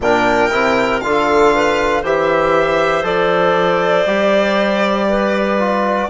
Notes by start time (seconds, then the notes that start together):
0.00 A#2 D4 A#4 G5
0.50 C3 E4
1.00 D3 F4 A4 F5
1.54 B4
2.02 E3 G4 C5 E5
3.03 F3 A4 D5
4.05 G3 G4
5.08 B4
5.58 F4